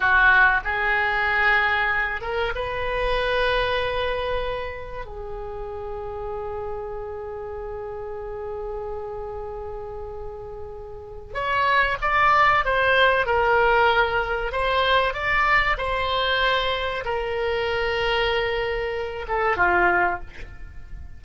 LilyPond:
\new Staff \with { instrumentName = "oboe" } { \time 4/4 \tempo 4 = 95 fis'4 gis'2~ gis'8 ais'8 | b'1 | gis'1~ | gis'1~ |
gis'2 cis''4 d''4 | c''4 ais'2 c''4 | d''4 c''2 ais'4~ | ais'2~ ais'8 a'8 f'4 | }